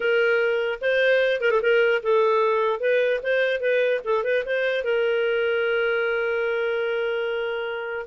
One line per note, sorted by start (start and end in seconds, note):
0.00 0.79 A#4
0.81 1.40 C5
1.40 1.50 A#4
1.51 1.61 A4
1.61 2.02 A#4
2.02 2.80 A4
2.80 3.20 B4
3.22 3.60 C5
3.60 4.00 B4
4.04 4.23 A4
4.23 4.43 B4
4.45 4.83 C5
4.83 8.06 A#4